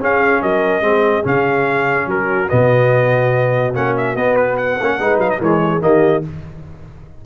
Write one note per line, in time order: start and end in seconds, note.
0.00 0.82 C#4
0.00 0.42 C#4
0.00 0.42 G#4
0.00 0.42 F5
0.42 0.81 F#3
0.42 0.84 A#4
0.42 1.26 D#5
0.81 1.23 G#3
0.81 1.23 C4
0.81 2.09 G#4
1.23 2.07 C#3
1.23 2.48 C#4
1.23 2.10 F5
2.07 2.49 F#3
2.07 4.99 F#4
2.07 2.49 A#4
2.49 3.76 B2
2.49 3.74 B3
2.49 3.74 D#5
3.75 4.16 A#3
3.75 4.16 C#4
3.75 3.96 F#5
3.97 4.16 E5
4.16 4.78 B3
4.16 4.80 B3
4.16 4.36 D#5
4.36 4.57 B4
4.57 5.20 F#5
4.80 5.00 A#3
4.80 5.00 C#4
4.99 5.17 G#3
4.99 5.41 D#4
4.99 5.40 B4
5.17 5.38 F#3
5.17 5.30 F5
5.30 5.40 D#5
5.40 5.82 E3
5.40 5.81 G#3
5.40 5.61 A#4
5.40 5.82 C#5
5.64 5.84 G#4
5.81 6.24 D#3
5.81 6.22 A#3
5.81 6.26 G4
5.81 6.24 D#5